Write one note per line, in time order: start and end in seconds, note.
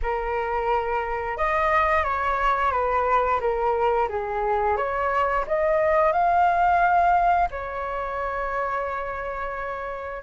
0.02 1.37 A#4
1.37 2.03 D#5
2.03 2.71 C#5
2.71 3.39 B4
3.40 4.08 A#4
4.08 4.76 G#4
4.76 5.45 C#5
5.47 6.12 D#5
6.12 7.48 F5
7.50 10.23 C#5